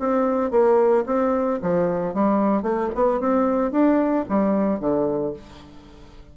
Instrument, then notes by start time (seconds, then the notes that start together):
bassoon
0.00 C4
0.51 A#3
1.06 C4
1.62 F3
2.14 G3
2.63 A3
2.95 B3
3.20 C4
3.72 D4
4.29 G3
4.80 D3